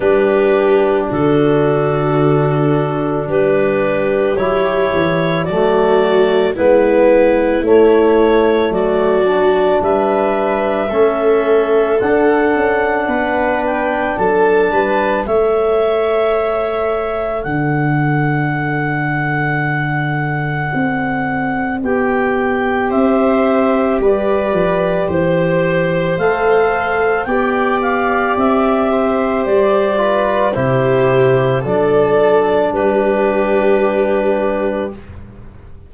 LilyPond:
<<
  \new Staff \with { instrumentName = "clarinet" } { \time 4/4 \tempo 4 = 55 b'4 a'2 b'4 | cis''4 d''4 b'4 cis''4 | d''4 e''2 fis''4~ | fis''8 g''8 a''4 e''2 |
fis''1 | g''4 e''4 d''4 c''4 | f''4 g''8 f''8 e''4 d''4 | c''4 d''4 b'2 | }
  \new Staff \with { instrumentName = "viola" } { \time 4/4 g'4 fis'2 g'4~ | g'4 fis'4 e'2 | fis'4 b'4 a'2 | b'4 a'8 b'8 cis''2 |
d''1~ | d''4 c''4 b'4 c''4~ | c''4 d''4. c''4 b'8 | g'4 a'4 g'2 | }
  \new Staff \with { instrumentName = "trombone" } { \time 4/4 d'1 | e'4 a4 b4 a4~ | a8 d'4. cis'4 d'4~ | d'2 a'2~ |
a'1 | g'1 | a'4 g'2~ g'8 f'8 | e'4 d'2. | }
  \new Staff \with { instrumentName = "tuba" } { \time 4/4 g4 d2 g4 | fis8 e8 fis4 gis4 a4 | fis4 g4 a4 d'8 cis'8 | b4 fis8 g8 a2 |
d2. c'4 | b4 c'4 g8 f8 e4 | a4 b4 c'4 g4 | c4 fis4 g2 | }
>>